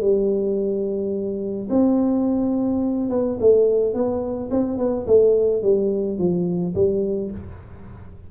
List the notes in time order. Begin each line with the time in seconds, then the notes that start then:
0.00 G3
1.69 C4
3.09 B3
3.40 A3
3.94 B3
4.50 C4
4.78 B3
5.06 A3
5.62 G3
6.18 F3
6.74 G3